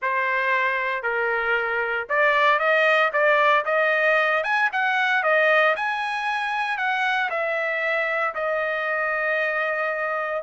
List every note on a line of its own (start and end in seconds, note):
0.02 1.02 C5
1.02 2.07 A#4
2.09 2.59 D5
2.59 3.11 D#5
3.12 3.65 D5
3.65 4.43 D#5
4.43 4.69 G#5
4.72 5.23 F#5
5.23 5.75 D#5
5.76 6.77 G#5
6.77 7.29 F#5
7.30 8.34 E5
8.35 10.42 D#5